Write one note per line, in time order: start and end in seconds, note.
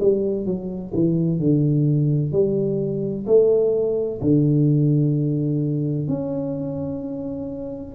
0.00 0.46 G3
0.46 0.92 F#3
0.94 1.39 E3
1.39 2.32 D3
2.32 3.26 G3
3.26 4.20 A3
4.21 6.08 D3
6.08 7.94 C#4